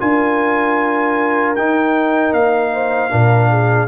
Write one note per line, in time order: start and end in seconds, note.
0.00 1.57 D4
0.00 1.56 F4
0.00 2.73 A#4
0.00 1.56 G#5
1.56 2.33 D#4
1.56 3.10 D#4
1.56 2.33 G5
2.33 3.11 A#3
2.33 3.88 F5
2.73 3.11 C5
3.10 3.88 A#2
3.10 3.88 D4
3.10 3.50 A#4
3.50 3.88 G#4